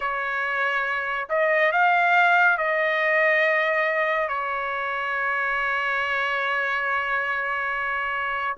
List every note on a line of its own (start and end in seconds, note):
0.00 1.28 C#5
1.29 1.71 D#5
1.72 2.57 F5
2.57 4.28 D#5
4.28 8.56 C#5